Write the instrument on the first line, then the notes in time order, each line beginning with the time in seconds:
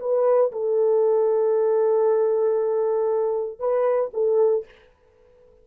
horn
0.00 B4
0.52 A4
3.59 B4
4.14 A4